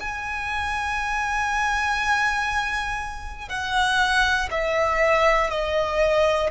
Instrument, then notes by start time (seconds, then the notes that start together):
violin
0.00 G#5
3.49 F#5
4.50 E5
5.50 D#5